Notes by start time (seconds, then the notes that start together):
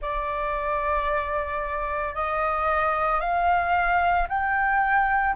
0.01 D5
2.14 D#5
3.20 F5
4.28 G5